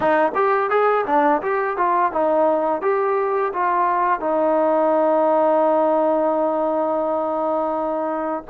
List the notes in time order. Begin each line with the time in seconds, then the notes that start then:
0.00 D#4
0.34 G4
0.70 G#4
1.06 D4
1.42 G4
1.77 F4
2.12 D#4
2.81 G4
3.53 F4
4.20 D#4